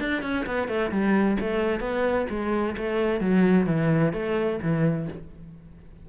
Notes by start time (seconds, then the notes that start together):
0.00 D4
0.23 C#4
0.46 B3
0.68 A3
0.91 G3
1.41 A3
1.80 B3
2.30 G#3
2.77 A3
3.21 F#3
3.67 E3
4.13 A3
4.62 E3